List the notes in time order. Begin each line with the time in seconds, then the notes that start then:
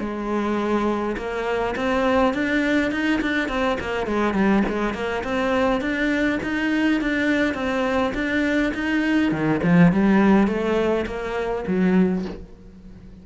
0.00 G#3
1.17 A#3
1.76 C4
2.34 D4
2.92 D#4
3.21 D4
3.49 C4
3.80 A#3
4.06 G#3
4.34 G3
4.69 G#3
4.94 A#3
5.24 C4
5.81 D4
6.43 D#4
7.01 D4
7.54 C4
8.14 D4
8.74 D#4
9.32 D#3
9.63 F3
9.92 G3
10.47 A3
11.06 A#3
11.67 F#3